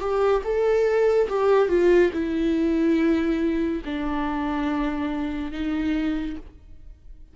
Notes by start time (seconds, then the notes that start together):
0.00 G4
0.44 A4
1.29 G4
1.69 F4
2.13 E4
3.85 D4
5.52 D#4